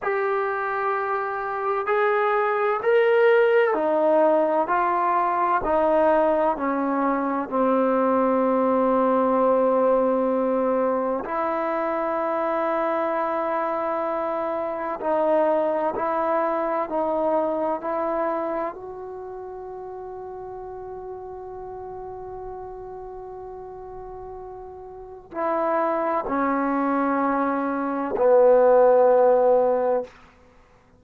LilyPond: \new Staff \with { instrumentName = "trombone" } { \time 4/4 \tempo 4 = 64 g'2 gis'4 ais'4 | dis'4 f'4 dis'4 cis'4 | c'1 | e'1 |
dis'4 e'4 dis'4 e'4 | fis'1~ | fis'2. e'4 | cis'2 b2 | }